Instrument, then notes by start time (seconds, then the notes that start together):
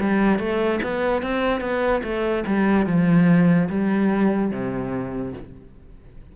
cello
0.00 G3
0.38 A3
0.83 B3
1.22 C4
1.60 B3
2.03 A3
2.46 G3
2.86 F3
3.69 G3
4.51 C3